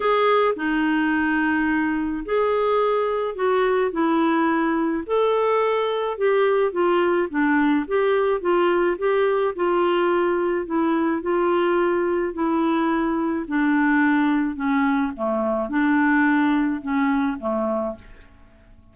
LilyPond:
\new Staff \with { instrumentName = "clarinet" } { \time 4/4 \tempo 4 = 107 gis'4 dis'2. | gis'2 fis'4 e'4~ | e'4 a'2 g'4 | f'4 d'4 g'4 f'4 |
g'4 f'2 e'4 | f'2 e'2 | d'2 cis'4 a4 | d'2 cis'4 a4 | }